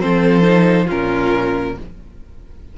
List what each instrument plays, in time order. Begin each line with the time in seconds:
0.00 cello F3, viola C4, violin A4 C5
0.42 viola D#4
0.86 cello A#2, viola C#4, violin F4 A#4